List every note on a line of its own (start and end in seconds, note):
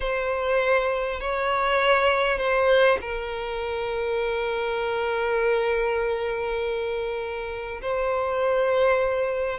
0.00 1.20 C5
1.20 2.38 C#5
2.38 2.98 C5
3.01 7.81 A#4
7.81 9.58 C5